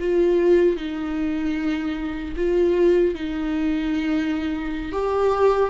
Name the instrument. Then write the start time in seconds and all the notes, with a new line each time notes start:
viola
0.00 F4
0.77 D#4
2.36 F4
3.15 D#4
4.93 G4